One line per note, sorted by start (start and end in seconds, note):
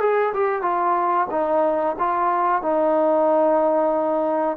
0.00 0.33 G#4
0.33 0.62 G4
0.62 1.27 F4
1.31 1.96 D#4
1.99 2.62 F4
2.62 4.57 D#4